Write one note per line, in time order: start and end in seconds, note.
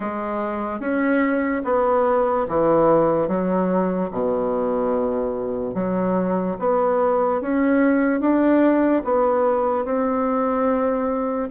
0.00 0.80 G#3
0.80 1.62 C#4
1.64 2.46 B3
2.48 3.28 E3
3.28 4.10 F#3
4.11 5.74 B2
5.74 6.56 F#3
6.59 7.41 B3
7.41 8.20 C#4
8.20 9.02 D4
9.04 9.84 B3
9.84 11.49 C4